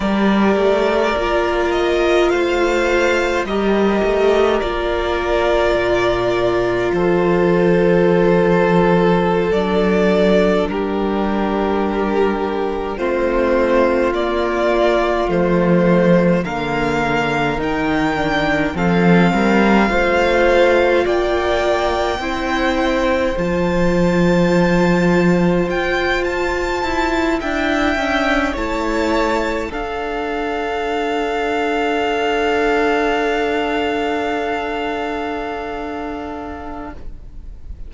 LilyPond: <<
  \new Staff \with { instrumentName = "violin" } { \time 4/4 \tempo 4 = 52 d''4. dis''8 f''4 dis''4 | d''2 c''2~ | c''16 d''4 ais'2 c''8.~ | c''16 d''4 c''4 f''4 g''8.~ |
g''16 f''2 g''4.~ g''16~ | g''16 a''2 g''8 a''4 g''16~ | g''8. a''4 f''2~ f''16~ | f''1 | }
  \new Staff \with { instrumentName = "violin" } { \time 4/4 ais'2 c''4 ais'4~ | ais'2 a'2~ | a'4~ a'16 g'2 f'8.~ | f'2~ f'16 ais'4.~ ais'16~ |
ais'16 a'8 ais'8 c''4 d''4 c''8.~ | c''2.~ c''8. e''16~ | e''8. cis''4 a'2~ a'16~ | a'1 | }
  \new Staff \with { instrumentName = "viola" } { \time 4/4 g'4 f'2 g'4 | f'1~ | f'16 d'2. c'8.~ | c'16 ais4 a4 ais4 dis'8 d'16~ |
d'16 c'4 f'2 e'8.~ | e'16 f'2.~ f'8 e'16~ | e'16 d'8 e'4 d'2~ d'16~ | d'1 | }
  \new Staff \with { instrumentName = "cello" } { \time 4/4 g8 a8 ais4 a4 g8 a8 | ais4 ais,4 f2~ | f16 fis4 g2 a8.~ | a16 ais4 f4 d4 dis8.~ |
dis16 f8 g8 a4 ais4 c'8.~ | c'16 f2 f'4 e'8 d'16~ | d'16 cis'8 a4 d'2~ d'16~ | d'1 | }
>>